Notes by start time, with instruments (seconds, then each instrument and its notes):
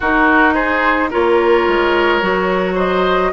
0.00 bassoon D#4, clarinet D#4, oboe F#4, flute A#4
0.53 oboe G#4, flute C5
1.10 bassoon A#3, clarinet F4, oboe A#4, flute C#5
1.67 bassoon G#3
2.21 bassoon F#3, clarinet F#4
2.75 oboe C5, flute D#5